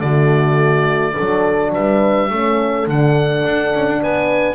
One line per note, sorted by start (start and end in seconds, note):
0.00 1.14 D3
0.00 1.17 A3
0.00 1.14 F#4
0.00 1.72 D5
1.14 1.75 F#3
1.14 2.31 D4
1.14 1.71 A4
1.73 2.30 G3
1.73 2.30 B4
1.73 2.88 E5
2.30 2.87 A3
2.30 2.87 C#4
2.30 4.02 A4
2.87 3.44 D3
2.87 4.55 D4
2.87 4.03 F#5
3.45 3.74 D4
3.75 3.87 C#4
3.87 4.02 D4
4.02 4.55 B3
4.02 4.55 B4
4.02 4.55 G#5